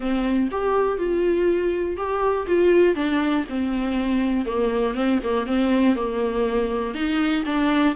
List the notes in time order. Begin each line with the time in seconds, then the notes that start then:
0.00 C4
0.51 G4
0.98 F4
1.97 G4
2.47 F4
2.95 D4
3.49 C4
4.45 A#3
4.94 C4
5.23 A#3
5.46 C4
5.95 A#3
6.94 D#4
7.45 D4